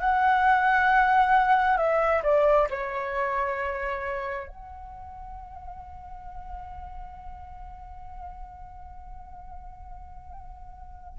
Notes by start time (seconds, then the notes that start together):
0.00 F#5
1.77 E5
2.23 D5
2.70 C#5
4.48 F#5